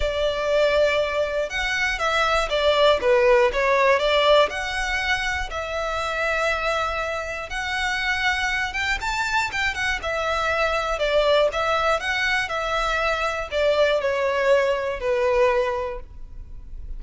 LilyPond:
\new Staff \with { instrumentName = "violin" } { \time 4/4 \tempo 4 = 120 d''2. fis''4 | e''4 d''4 b'4 cis''4 | d''4 fis''2 e''4~ | e''2. fis''4~ |
fis''4. g''8 a''4 g''8 fis''8 | e''2 d''4 e''4 | fis''4 e''2 d''4 | cis''2 b'2 | }